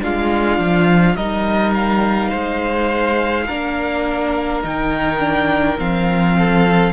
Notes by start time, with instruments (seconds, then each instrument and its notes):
0.00 cello G#3, viola D4, violin F4 F5
0.58 cello F3
1.15 cello G3, viola D#4, violin A#4 D#5
1.74 violin F5
2.29 cello G#3, violin C5
3.47 cello A#3, viola D4, violin A#4
4.63 cello D#3, viola D#4, violin G5
5.19 viola D4
5.78 cello F3, viola C4, violin F5
6.38 violin A4